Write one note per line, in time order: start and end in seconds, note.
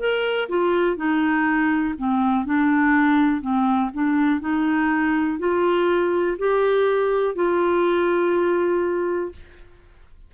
0.00 0.49 A#4
0.49 0.97 F4
0.97 1.95 D#4
1.99 2.45 C4
2.45 3.42 D4
3.42 3.91 C4
3.94 4.41 D4
4.41 5.39 D#4
5.39 6.38 F4
6.39 7.36 G4
7.36 9.33 F4